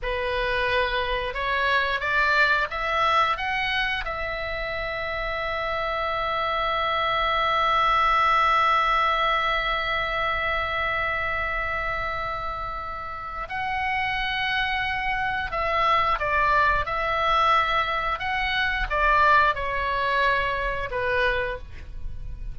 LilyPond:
\new Staff \with { instrumentName = "oboe" } { \time 4/4 \tempo 4 = 89 b'2 cis''4 d''4 | e''4 fis''4 e''2~ | e''1~ | e''1~ |
e''1 | fis''2. e''4 | d''4 e''2 fis''4 | d''4 cis''2 b'4 | }